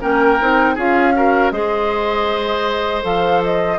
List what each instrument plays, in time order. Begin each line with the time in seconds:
0.00 bassoon A#3, clarinet C#4, oboe A#4, flute G5
0.40 bassoon C4, clarinet D#4
0.75 bassoon C#4, clarinet F4, oboe G#4, flute F5
1.14 clarinet F#4, oboe A#4
1.50 bassoon G#3, clarinet G#4, oboe C5, flute D#5
3.02 bassoon F3, clarinet A4, flute F5
3.44 flute D#5